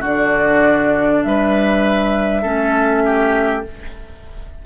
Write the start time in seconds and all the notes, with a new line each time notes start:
0.00 D3 D4 F#4 D5
1.23 G3 B4 E5
2.42 A3 C#4 A4
3.06 G4